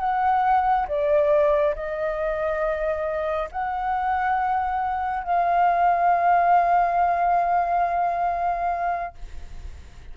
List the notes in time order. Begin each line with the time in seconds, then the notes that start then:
0.00 F#5
0.88 D5
1.75 D#5
3.52 F#5
5.24 F5